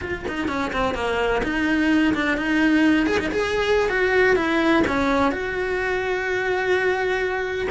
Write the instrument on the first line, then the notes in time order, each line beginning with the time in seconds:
cello
0.01 F4
0.27 D#4
0.48 C#4
0.73 C4
0.94 A#3
1.43 D#4
2.14 D4
2.37 D#4
3.06 G#4
3.19 D#4
3.31 G#4
3.89 F#4
4.36 E4
4.87 C#4
5.31 F#4